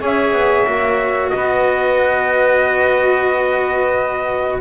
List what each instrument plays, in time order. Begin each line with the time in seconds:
0.00 double bass C#4, cello G#4, saxophone C#5, trumpet E5
0.33 double bass B3
0.66 double bass A#3, cello F#4
1.30 double bass B3, saxophone B4, trumpet D#5